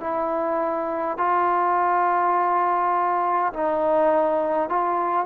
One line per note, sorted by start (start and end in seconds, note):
0.00 1.18 E4
1.18 3.53 F4
3.53 4.69 D#4
4.69 5.26 F4